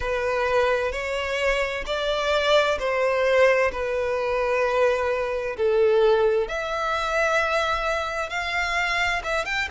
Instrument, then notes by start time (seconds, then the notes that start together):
violin
0.00 B4
0.92 C#5
1.85 D5
2.79 C5
3.72 B4
5.56 A4
6.47 E5
8.29 F5
9.23 E5
9.45 G5